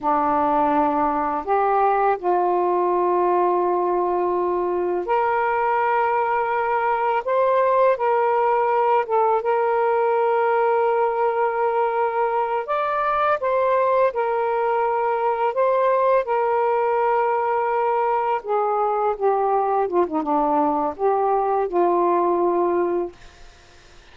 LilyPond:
\new Staff \with { instrumentName = "saxophone" } { \time 4/4 \tempo 4 = 83 d'2 g'4 f'4~ | f'2. ais'4~ | ais'2 c''4 ais'4~ | ais'8 a'8 ais'2.~ |
ais'4. d''4 c''4 ais'8~ | ais'4. c''4 ais'4.~ | ais'4. gis'4 g'4 f'16 dis'16 | d'4 g'4 f'2 | }